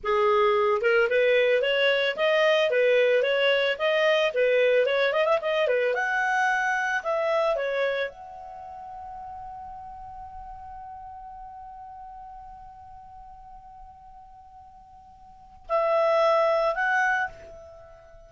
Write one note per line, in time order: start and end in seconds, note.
0.03 0.81 G#4
0.81 1.08 A#4
1.09 1.62 B4
1.62 2.16 C#5
2.16 2.70 D#5
2.70 3.22 B4
3.22 3.76 C#5
3.78 4.32 D#5
4.33 4.86 B4
4.86 5.13 C#5
5.13 5.25 D#5
5.25 5.39 E5
5.41 5.67 D#5
5.67 5.94 B4
5.94 7.02 F#5
7.03 7.55 E5
7.55 8.09 C#5
8.09 15.66 F#5
15.68 16.74 E5
16.74 17.28 F#5